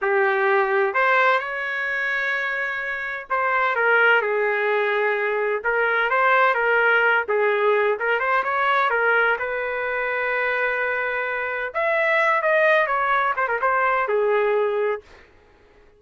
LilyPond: \new Staff \with { instrumentName = "trumpet" } { \time 4/4 \tempo 4 = 128 g'2 c''4 cis''4~ | cis''2. c''4 | ais'4 gis'2. | ais'4 c''4 ais'4. gis'8~ |
gis'4 ais'8 c''8 cis''4 ais'4 | b'1~ | b'4 e''4. dis''4 cis''8~ | cis''8 c''16 ais'16 c''4 gis'2 | }